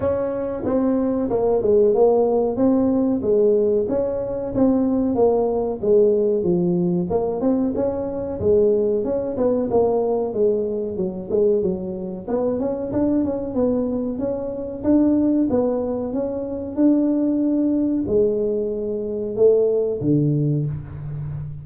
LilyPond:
\new Staff \with { instrumentName = "tuba" } { \time 4/4 \tempo 4 = 93 cis'4 c'4 ais8 gis8 ais4 | c'4 gis4 cis'4 c'4 | ais4 gis4 f4 ais8 c'8 | cis'4 gis4 cis'8 b8 ais4 |
gis4 fis8 gis8 fis4 b8 cis'8 | d'8 cis'8 b4 cis'4 d'4 | b4 cis'4 d'2 | gis2 a4 d4 | }